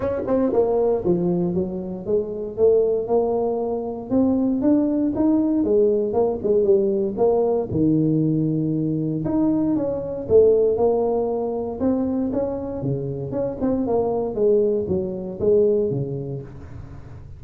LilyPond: \new Staff \with { instrumentName = "tuba" } { \time 4/4 \tempo 4 = 117 cis'8 c'8 ais4 f4 fis4 | gis4 a4 ais2 | c'4 d'4 dis'4 gis4 | ais8 gis8 g4 ais4 dis4~ |
dis2 dis'4 cis'4 | a4 ais2 c'4 | cis'4 cis4 cis'8 c'8 ais4 | gis4 fis4 gis4 cis4 | }